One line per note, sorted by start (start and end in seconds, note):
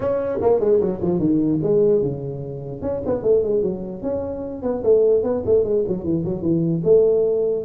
0.00 0.39 C#4
0.41 0.59 A#3
0.59 0.80 G#3
0.80 1.00 F#3
1.01 1.19 F3
1.19 1.59 D#3
1.62 2.02 G#3
2.02 2.81 C#3
2.81 3.01 C#4
3.06 3.23 B3
3.23 3.43 A3
3.43 3.62 G#3
3.62 4.02 F#3
4.02 4.62 C#4
4.62 4.82 B3
4.83 5.23 A3
5.23 5.43 B3
5.45 5.64 A3
5.64 5.84 G#3
5.87 6.04 F#3
6.04 6.24 E3
6.25 6.42 F#3
6.42 6.82 E3
6.84 7.64 A3